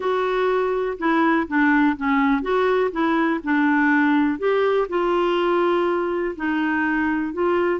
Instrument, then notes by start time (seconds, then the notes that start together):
clarinet
0.00 F#4
0.98 E4
1.47 D4
1.96 C#4
2.42 F#4
2.91 E4
3.43 D4
4.38 G4
4.88 F4
6.35 D#4
7.33 F4